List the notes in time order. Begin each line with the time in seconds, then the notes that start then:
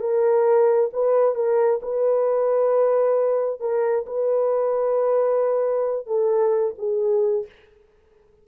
0.00 A#4
0.93 B4
1.35 A#4
1.82 B4
3.60 A#4
4.06 B4
6.07 A4
6.78 G#4